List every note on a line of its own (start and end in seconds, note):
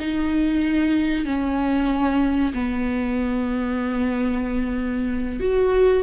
0.00 1.25 D#4
1.25 2.53 C#4
2.54 5.41 B3
5.41 6.03 F#4